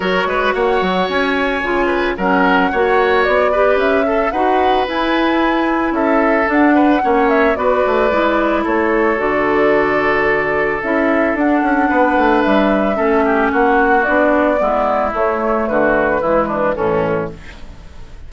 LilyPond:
<<
  \new Staff \with { instrumentName = "flute" } { \time 4/4 \tempo 4 = 111 cis''4 fis''4 gis''2 | fis''2 d''4 e''4 | fis''4 gis''2 e''4 | fis''4. e''8 d''2 |
cis''4 d''2. | e''4 fis''2 e''4~ | e''4 fis''4 d''2 | cis''4 b'2 a'4 | }
  \new Staff \with { instrumentName = "oboe" } { \time 4/4 ais'8 b'8 cis''2~ cis''8 b'8 | ais'4 cis''4. b'4 a'8 | b'2. a'4~ | a'8 b'8 cis''4 b'2 |
a'1~ | a'2 b'2 | a'8 g'8 fis'2 e'4~ | e'4 fis'4 e'8 d'8 cis'4 | }
  \new Staff \with { instrumentName = "clarinet" } { \time 4/4 fis'2. f'4 | cis'4 fis'4. g'4 a'8 | fis'4 e'2. | d'4 cis'4 fis'4 e'4~ |
e'4 fis'2. | e'4 d'2. | cis'2 d'4 b4 | a2 gis4 e4 | }
  \new Staff \with { instrumentName = "bassoon" } { \time 4/4 fis8 gis8 ais8 fis8 cis'4 cis4 | fis4 ais4 b4 cis'4 | dis'4 e'2 cis'4 | d'4 ais4 b8 a8 gis4 |
a4 d2. | cis'4 d'8 cis'8 b8 a8 g4 | a4 ais4 b4 gis4 | a4 d4 e4 a,4 | }
>>